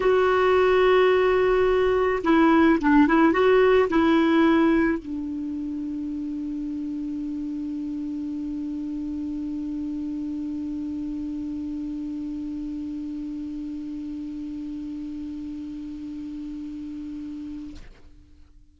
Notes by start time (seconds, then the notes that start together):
0.00 F#4
2.23 E4
2.80 D4
3.07 E4
3.32 F#4
3.89 E4
4.98 D4